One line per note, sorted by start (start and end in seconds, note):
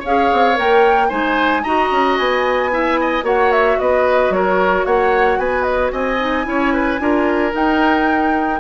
0.00 0.31 C#4
0.00 1.07 C#5
0.00 0.58 F5
0.06 0.55 G#4
0.32 0.59 C4
0.55 1.11 A#3
0.55 1.08 A#4
0.55 1.10 G5
1.09 1.65 G#3
1.09 1.63 D#4
1.09 1.62 C5
1.09 1.63 G#5
1.63 1.91 D#4
1.63 2.71 F#4
1.63 2.70 D#5
1.63 2.17 A#5
1.91 2.18 C#4
2.17 3.23 B3
2.17 3.25 G#5
2.71 3.23 E4
2.71 3.00 E5
3.00 3.24 D#5
3.23 3.77 A#3
3.23 6.17 F#4
3.23 3.78 C#5
3.23 3.52 F#5
3.52 3.79 E5
3.79 4.30 B3
3.79 4.34 B4
3.79 4.32 D#5
4.30 4.83 F#3
4.30 4.86 A#4
4.30 4.86 C#5
4.86 5.38 A#3
4.86 5.39 C#5
4.86 5.39 F#5
5.38 5.92 B3
5.38 5.92 B4
5.38 5.62 G#5
5.62 5.89 D#5
5.92 6.46 C4
5.92 6.46 D#5
5.92 7.54 G#5
6.19 6.44 D#4
6.44 7.00 C#4
6.44 6.97 E4
6.44 6.73 C#5
6.73 7.00 B4
7.00 7.53 D4
7.00 7.51 F4
7.00 8.60 A#4
7.51 8.58 D#4
7.51 8.60 D#4
7.51 8.60 G5